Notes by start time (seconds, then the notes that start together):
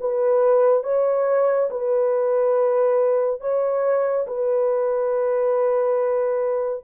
0.00 B4
0.83 C#5
1.70 B4
3.40 C#5
4.27 B4